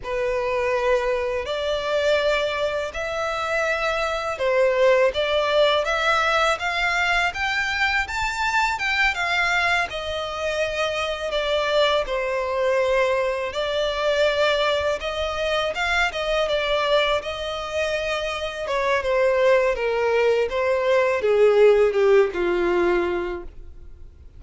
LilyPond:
\new Staff \with { instrumentName = "violin" } { \time 4/4 \tempo 4 = 82 b'2 d''2 | e''2 c''4 d''4 | e''4 f''4 g''4 a''4 | g''8 f''4 dis''2 d''8~ |
d''8 c''2 d''4.~ | d''8 dis''4 f''8 dis''8 d''4 dis''8~ | dis''4. cis''8 c''4 ais'4 | c''4 gis'4 g'8 f'4. | }